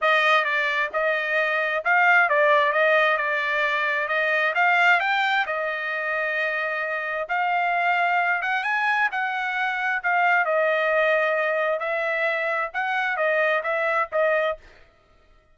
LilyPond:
\new Staff \with { instrumentName = "trumpet" } { \time 4/4 \tempo 4 = 132 dis''4 d''4 dis''2 | f''4 d''4 dis''4 d''4~ | d''4 dis''4 f''4 g''4 | dis''1 |
f''2~ f''8 fis''8 gis''4 | fis''2 f''4 dis''4~ | dis''2 e''2 | fis''4 dis''4 e''4 dis''4 | }